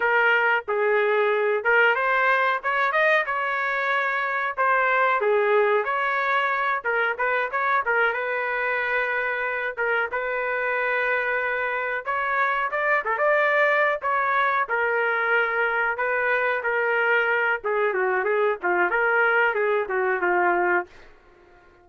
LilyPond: \new Staff \with { instrumentName = "trumpet" } { \time 4/4 \tempo 4 = 92 ais'4 gis'4. ais'8 c''4 | cis''8 dis''8 cis''2 c''4 | gis'4 cis''4. ais'8 b'8 cis''8 | ais'8 b'2~ b'8 ais'8 b'8~ |
b'2~ b'8 cis''4 d''8 | a'16 d''4~ d''16 cis''4 ais'4.~ | ais'8 b'4 ais'4. gis'8 fis'8 | gis'8 f'8 ais'4 gis'8 fis'8 f'4 | }